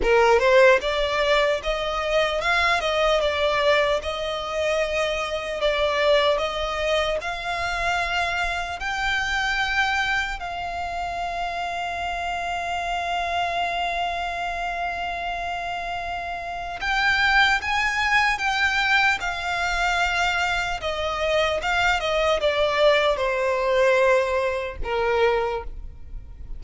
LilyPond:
\new Staff \with { instrumentName = "violin" } { \time 4/4 \tempo 4 = 75 ais'8 c''8 d''4 dis''4 f''8 dis''8 | d''4 dis''2 d''4 | dis''4 f''2 g''4~ | g''4 f''2.~ |
f''1~ | f''4 g''4 gis''4 g''4 | f''2 dis''4 f''8 dis''8 | d''4 c''2 ais'4 | }